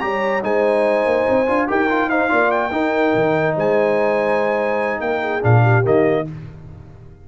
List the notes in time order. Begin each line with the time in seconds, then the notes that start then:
0.00 G3 G4 C#5 A#5
0.42 G#3 D#4 C5 G#5
1.06 A#3
1.29 C4
1.47 D4 F4
1.68 D#4 G4 A#4 G5
1.90 F4
2.10 D#4 C5 F5
2.29 A#3 F4 D5
2.51 G5
2.72 D#4 A#4
3.15 D#3
3.55 G#3 C5 G#5
5.01 A#3 A#4 G5
5.23 G#4
5.42 A#2 D4 F5
5.62 G4
5.83 D#3 A#3 D#5